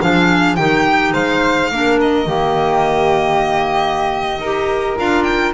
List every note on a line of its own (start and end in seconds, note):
0.00 0.57 F3
0.00 0.57 D4
0.00 0.56 G#4
0.00 0.55 F5
0.55 1.14 D#3
0.55 1.71 D#4
0.55 1.12 G4
0.55 1.12 G5
1.13 1.70 G#3
1.13 1.69 C5
1.13 1.98 F5
1.70 2.26 A#3
1.70 2.26 D4
1.70 2.27 A#4
2.00 4.98 D#5
2.26 4.38 D#3
2.26 4.38 A#3
2.26 4.40 G4
4.38 4.95 D#4
4.38 4.98 G4
4.38 5.53 A#4
4.98 5.54 D4
4.98 5.54 F4
4.98 5.23 F5
5.23 5.51 G5